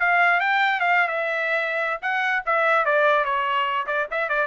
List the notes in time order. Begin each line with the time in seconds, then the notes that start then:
0.00 F5
0.40 G5
0.81 F5
1.08 E5
2.02 F#5
2.46 E5
2.86 D5
3.25 C#5
3.87 D5
4.11 E5
4.29 D5